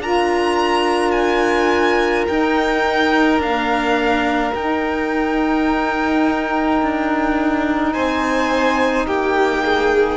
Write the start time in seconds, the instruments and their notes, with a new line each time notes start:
0.00 cello D4, saxophone F4, violin A#4 A#5
1.12 violin G#5
2.28 saxophone D#4, cello D#4, violin G5
3.39 saxophone A#3, cello D4, violin F5
4.54 cello D#4, saxophone D#4, violin G5
6.83 cello D4
7.93 cello C4, violin C5 G#5
9.06 cello A#3, violin G4 G5
9.65 violin G#4